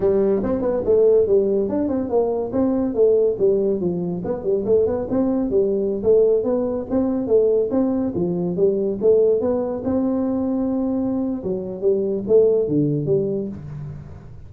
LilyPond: \new Staff \with { instrumentName = "tuba" } { \time 4/4 \tempo 4 = 142 g4 c'8 b8 a4 g4 | d'8 c'8 ais4 c'4 a4 | g4 f4 b8 g8 a8 b8 | c'4 g4~ g16 a4 b8.~ |
b16 c'4 a4 c'4 f8.~ | f16 g4 a4 b4 c'8.~ | c'2. fis4 | g4 a4 d4 g4 | }